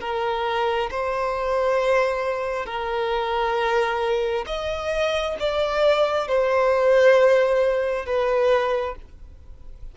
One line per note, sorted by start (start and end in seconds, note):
0.00 0.90 A#4
0.91 2.66 C5
2.66 4.45 A#4
4.47 5.36 D#5
5.39 6.28 D5
6.28 8.06 C5
8.06 8.95 B4